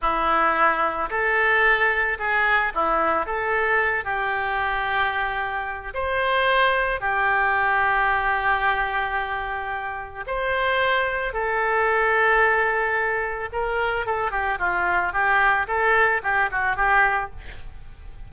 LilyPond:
\new Staff \with { instrumentName = "oboe" } { \time 4/4 \tempo 4 = 111 e'2 a'2 | gis'4 e'4 a'4. g'8~ | g'2. c''4~ | c''4 g'2.~ |
g'2. c''4~ | c''4 a'2.~ | a'4 ais'4 a'8 g'8 f'4 | g'4 a'4 g'8 fis'8 g'4 | }